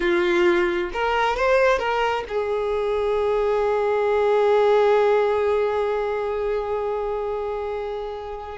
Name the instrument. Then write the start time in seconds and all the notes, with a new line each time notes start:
violin
0.00 F4
0.93 A#4
1.36 C5
1.78 A#4
2.28 G#4